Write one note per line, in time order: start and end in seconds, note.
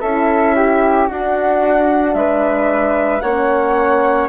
0.00 1.09 C#4
0.00 1.08 E4
0.00 0.54 A4
0.00 1.07 E5
0.55 1.08 G4
1.08 3.23 D4
1.08 2.14 D4
1.08 2.15 F#4
1.08 2.14 F#5
2.14 3.21 G#3
2.14 3.22 B4
2.14 3.20 E5
3.20 4.29 A#3
3.20 4.29 C#4
3.20 4.29 C#5
3.20 4.27 F#5